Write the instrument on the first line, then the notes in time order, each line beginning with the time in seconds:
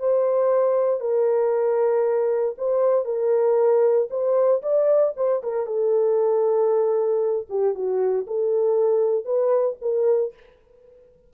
horn
0.00 C5
1.01 A#4
2.58 C5
3.05 A#4
4.11 C5
4.63 D5
5.17 C5
5.43 A#4
5.67 A4
7.50 G4
7.75 F#4
8.28 A4
9.25 B4
9.82 A#4